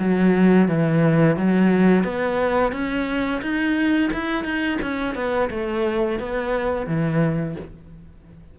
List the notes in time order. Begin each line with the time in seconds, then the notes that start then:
0.00 F#3
0.69 E3
1.37 F#3
2.04 B3
2.73 C#4
3.42 D#4
4.13 E4
4.45 D#4
4.82 C#4
5.15 B3
5.51 A3
6.20 B3
6.87 E3